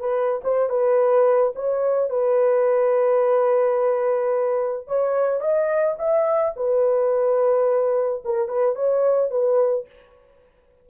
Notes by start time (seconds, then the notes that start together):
0.00 B4
0.44 C5
0.70 B4
1.56 C#5
2.10 B4
4.88 C#5
5.41 D#5
5.99 E5
6.57 B4
8.25 A#4
8.48 B4
8.76 C#5
9.31 B4